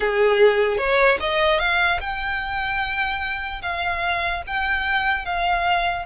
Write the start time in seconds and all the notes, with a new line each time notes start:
0.00 G#4
0.77 C#5
1.20 D#5
1.59 F5
2.00 G5
3.62 F5
4.46 G5
5.25 F5